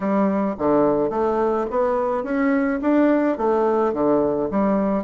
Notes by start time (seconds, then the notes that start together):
0.00 G3
0.58 D3
1.09 A3
1.70 B3
2.23 C#4
2.81 D4
3.37 A3
3.93 D3
4.50 G3